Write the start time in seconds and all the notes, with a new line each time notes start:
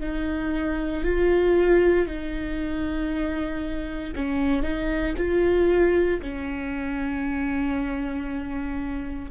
0.00 D#4
1.04 F4
2.07 D#4
4.15 C#4
4.62 D#4
5.17 F4
6.22 C#4